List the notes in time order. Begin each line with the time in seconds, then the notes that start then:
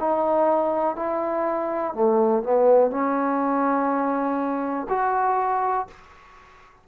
0.00 D#4
0.97 E4
1.94 A3
2.44 B3
2.91 C#4
4.90 F#4